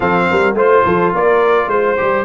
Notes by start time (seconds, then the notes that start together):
0.00 F3 C4 A4 F5
0.30 G3 A#4
0.53 A3 F4 C5
0.85 F3 A4
1.13 A#3 A#4 D5
1.67 G#3 C5
1.97 G3 G4